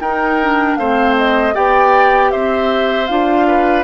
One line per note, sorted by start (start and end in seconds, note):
0.00 0.77 D#4
0.00 0.42 D#4
0.00 0.78 A#4
0.00 0.76 G5
0.42 0.80 D4
0.76 1.54 A3
0.76 1.54 C4
0.76 1.55 C5
0.76 1.15 F5
1.17 1.55 D#5
1.54 2.33 B3
1.54 3.07 G4
1.54 2.32 D5
1.54 2.31 G5
2.31 3.09 C4
2.31 3.47 C5
2.31 3.07 E5
3.07 3.85 D4
3.07 3.85 F4
3.07 3.84 F5
3.47 3.85 B4